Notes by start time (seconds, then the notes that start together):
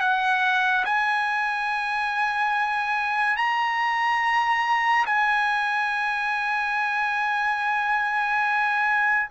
0.00 F#5
0.85 G#5
3.36 A#5
5.06 G#5